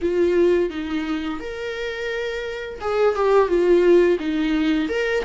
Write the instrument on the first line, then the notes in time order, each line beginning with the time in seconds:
viola
0.01 F4
0.70 D#4
1.40 A#4
2.80 G#4
3.15 G4
3.48 F4
4.19 D#4
4.88 A#4